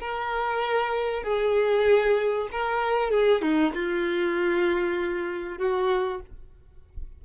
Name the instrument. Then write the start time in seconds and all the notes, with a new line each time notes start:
violin
0.00 A#4
1.23 G#4
2.52 A#4
3.11 G#4
3.42 D#4
3.74 F4
5.58 F#4